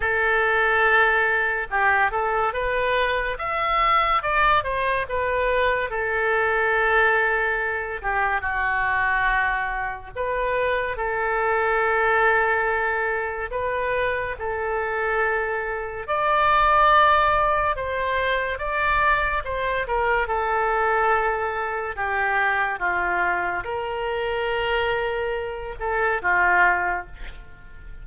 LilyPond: \new Staff \with { instrumentName = "oboe" } { \time 4/4 \tempo 4 = 71 a'2 g'8 a'8 b'4 | e''4 d''8 c''8 b'4 a'4~ | a'4. g'8 fis'2 | b'4 a'2. |
b'4 a'2 d''4~ | d''4 c''4 d''4 c''8 ais'8 | a'2 g'4 f'4 | ais'2~ ais'8 a'8 f'4 | }